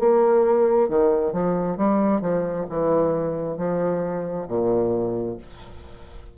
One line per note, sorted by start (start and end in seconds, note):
0.00 0.89 A#3
0.89 1.33 D#3
1.33 1.77 F3
1.77 2.21 G3
2.21 2.66 F3
2.69 3.58 E3
3.58 4.47 F3
4.48 5.37 A#2